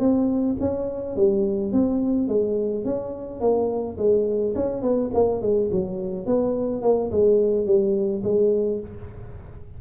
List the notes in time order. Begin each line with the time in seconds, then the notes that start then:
0.00 C4
0.60 C#4
1.16 G3
1.73 C4
2.28 G#3
2.85 C#4
3.41 A#3
3.98 G#3
4.56 C#4
4.82 B3
5.15 A#3
5.42 G#3
5.72 F#3
6.27 B3
6.82 A#3
7.12 G#3
7.66 G3
8.24 G#3